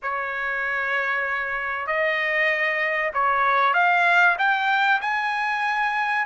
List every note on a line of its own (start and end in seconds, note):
0.02 1.86 C#5
1.86 3.11 D#5
3.13 3.73 C#5
3.73 4.36 F5
4.38 5.01 G5
5.01 6.25 G#5